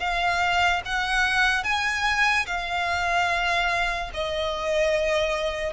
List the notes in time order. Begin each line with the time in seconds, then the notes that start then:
0.00 F5
0.85 F#5
1.64 G#5
2.47 F5
4.14 D#5